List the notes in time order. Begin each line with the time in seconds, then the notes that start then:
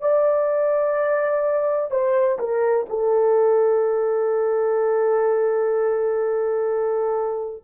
0.00 D5
1.91 C5
2.39 A#4
2.89 A4